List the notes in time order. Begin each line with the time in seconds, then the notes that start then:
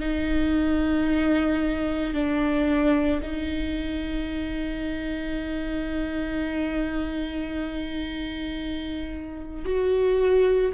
0.00 D#4
2.14 D4
3.22 D#4
9.65 F#4